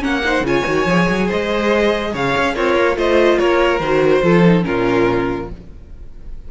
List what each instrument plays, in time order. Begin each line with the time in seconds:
0.00 cello A#3, viola C#4, violin A#4 F#5
0.24 viola D#4, violin C5
0.41 cello C#3, viola F4
0.47 violin C#5 G#5
0.65 cello D#3, viola F#4
0.86 cello F3, viola G#4
1.09 cello F#3
1.27 cello G#3, violin C5 D#5
2.12 cello C#3, violin C#5 F5
2.37 cello C#4
2.54 cello C4, violin F4 C#5, viola A#4
2.76 cello A#3
2.95 cello A3, viola F4, violin C5 D#5
3.38 cello A#3, violin A#4 C#5
3.79 cello D#3, viola F#4, violin C5
4.22 cello F3, viola F4, violin A4
4.45 viola D#4
4.62 cello A#2, viola C#4, violin F4 A#4